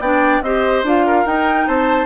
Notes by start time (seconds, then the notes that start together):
0.00 B3 D4 D5 G5
0.42 C4 G4 C5 D#5
0.83 D4 F4 F5
1.06 A#4
1.26 D#4 G5
1.67 C4 C5 A5